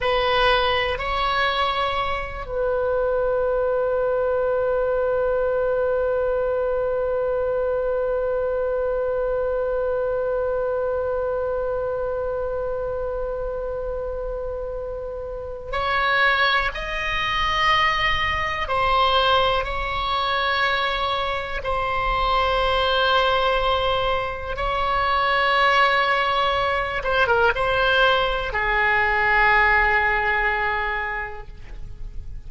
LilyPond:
\new Staff \with { instrumentName = "oboe" } { \time 4/4 \tempo 4 = 61 b'4 cis''4. b'4.~ | b'1~ | b'1~ | b'1 |
cis''4 dis''2 c''4 | cis''2 c''2~ | c''4 cis''2~ cis''8 c''16 ais'16 | c''4 gis'2. | }